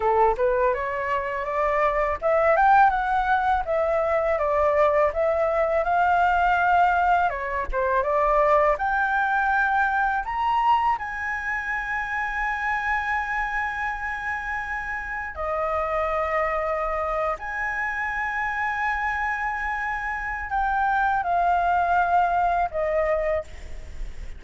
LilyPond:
\new Staff \with { instrumentName = "flute" } { \time 4/4 \tempo 4 = 82 a'8 b'8 cis''4 d''4 e''8 g''8 | fis''4 e''4 d''4 e''4 | f''2 cis''8 c''8 d''4 | g''2 ais''4 gis''4~ |
gis''1~ | gis''4 dis''2~ dis''8. gis''16~ | gis''1 | g''4 f''2 dis''4 | }